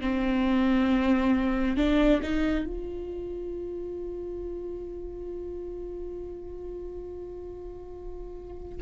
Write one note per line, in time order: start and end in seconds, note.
0.00 1.76 C4
1.76 2.21 D4
2.22 2.66 D#4
2.66 8.82 F4